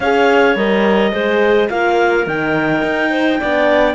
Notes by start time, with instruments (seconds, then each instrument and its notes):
0.00 cello C#4, horn G#4, clarinet C#5 F5
0.55 cello G3, horn A#4, clarinet D#5
1.12 cello G#3, horn G#4, clarinet C5
1.69 cello A#3, horn F4, clarinet A#4 F5
2.26 cello D#3, horn D#4, clarinet G5
2.82 cello D#4
3.10 clarinet C5
3.39 cello B3, horn D4, clarinet D5